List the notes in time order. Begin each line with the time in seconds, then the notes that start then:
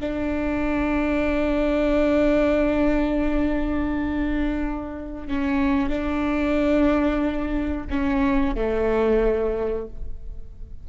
0.00 D4
5.28 C#4
5.89 D4
7.90 C#4
8.55 A3